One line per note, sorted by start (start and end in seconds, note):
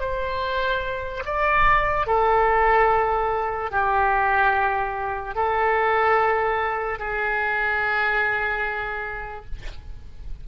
0.00 1.23 C5
1.25 2.07 D5
2.07 3.71 A4
3.71 5.35 G4
5.35 6.99 A4
6.99 9.46 G#4